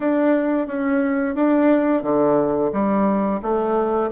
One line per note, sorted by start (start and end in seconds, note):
0.00 0.67 D4
0.67 1.35 C#4
1.35 2.03 D4
2.03 2.71 D3
2.72 3.40 G3
3.42 4.10 A3